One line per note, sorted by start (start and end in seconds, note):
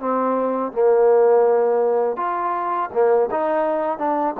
0.00 0.72 C4
0.72 2.17 A#3
2.17 2.90 F4
2.93 3.30 A#3
3.31 3.98 D#4
3.98 4.35 D4